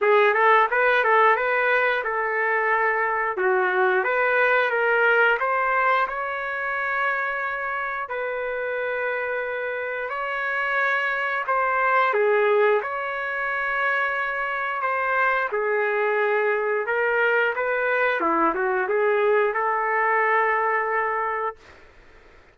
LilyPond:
\new Staff \with { instrumentName = "trumpet" } { \time 4/4 \tempo 4 = 89 gis'8 a'8 b'8 a'8 b'4 a'4~ | a'4 fis'4 b'4 ais'4 | c''4 cis''2. | b'2. cis''4~ |
cis''4 c''4 gis'4 cis''4~ | cis''2 c''4 gis'4~ | gis'4 ais'4 b'4 e'8 fis'8 | gis'4 a'2. | }